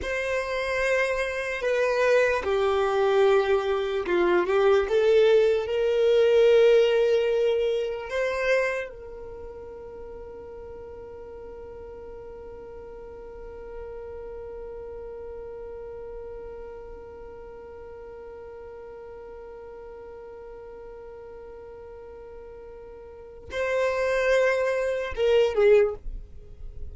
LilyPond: \new Staff \with { instrumentName = "violin" } { \time 4/4 \tempo 4 = 74 c''2 b'4 g'4~ | g'4 f'8 g'8 a'4 ais'4~ | ais'2 c''4 ais'4~ | ais'1~ |
ais'1~ | ais'1~ | ais'1~ | ais'4 c''2 ais'8 gis'8 | }